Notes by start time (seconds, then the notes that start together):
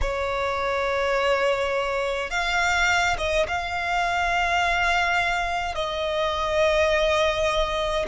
0.01 C#5
2.30 F5
3.17 D#5
3.47 F5
5.74 D#5